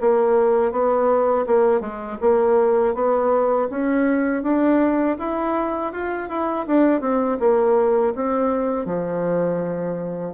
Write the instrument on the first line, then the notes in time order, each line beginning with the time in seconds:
bassoon
0.00 A#3
0.71 B3
1.46 A#3
1.80 G#3
2.21 A#3
2.94 B3
3.70 C#4
4.43 D4
5.18 E4
5.92 F4
6.29 E4
6.66 D4
7.01 C4
7.39 A#3
8.15 C4
8.85 F3